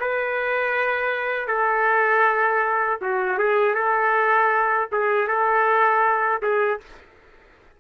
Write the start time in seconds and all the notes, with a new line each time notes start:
0.00 B4
1.47 A4
3.01 F#4
3.38 G#4
3.75 A4
4.92 G#4
5.28 A4
6.42 G#4